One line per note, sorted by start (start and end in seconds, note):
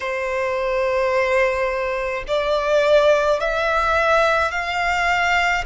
0.00 2.24 C5
2.27 3.40 D5
3.40 4.51 E5
4.51 5.64 F5